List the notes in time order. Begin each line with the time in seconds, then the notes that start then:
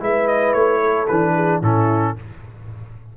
0.00 G#3 E4 B4 E5
0.27 D#5
0.53 A3 C#5
0.80 A4
1.07 E3 D4 B4
1.35 G#4
1.62 A2 C#4 E4 A4